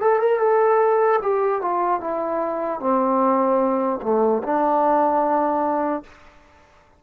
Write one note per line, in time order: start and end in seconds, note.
0.00 0.19 A4
0.19 0.39 A#4
0.39 1.19 A4
1.21 1.61 G4
1.61 2.00 F4
2.00 2.80 E4
2.80 4.00 C4
4.02 4.42 A3
4.43 6.03 D4